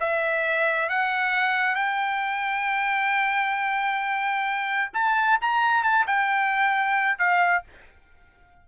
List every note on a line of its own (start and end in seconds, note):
0.00 0.89 E5
0.89 1.75 F#5
1.75 4.91 G5
4.93 5.38 A5
5.41 5.83 A#5
5.83 6.06 A5
6.07 7.18 G5
7.18 7.63 F5